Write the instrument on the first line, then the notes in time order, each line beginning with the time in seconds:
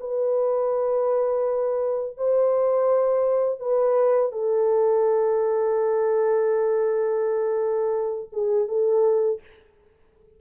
horn
0.00 B4
2.17 C5
3.59 B4
4.31 A4
8.32 G#4
8.68 A4